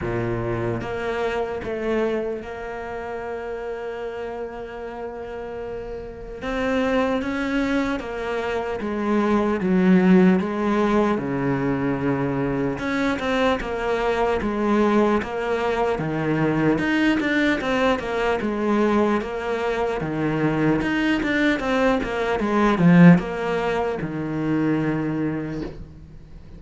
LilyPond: \new Staff \with { instrumentName = "cello" } { \time 4/4 \tempo 4 = 75 ais,4 ais4 a4 ais4~ | ais1 | c'4 cis'4 ais4 gis4 | fis4 gis4 cis2 |
cis'8 c'8 ais4 gis4 ais4 | dis4 dis'8 d'8 c'8 ais8 gis4 | ais4 dis4 dis'8 d'8 c'8 ais8 | gis8 f8 ais4 dis2 | }